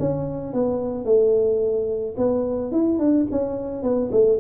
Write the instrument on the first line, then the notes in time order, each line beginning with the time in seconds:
tuba
0.00 C#4
0.54 B3
1.05 A3
2.17 B3
2.72 E4
2.99 D4
3.32 C#4
3.83 B3
4.12 A3